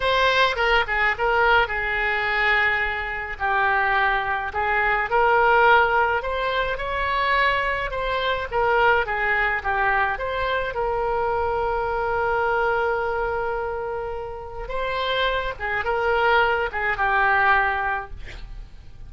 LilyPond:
\new Staff \with { instrumentName = "oboe" } { \time 4/4 \tempo 4 = 106 c''4 ais'8 gis'8 ais'4 gis'4~ | gis'2 g'2 | gis'4 ais'2 c''4 | cis''2 c''4 ais'4 |
gis'4 g'4 c''4 ais'4~ | ais'1~ | ais'2 c''4. gis'8 | ais'4. gis'8 g'2 | }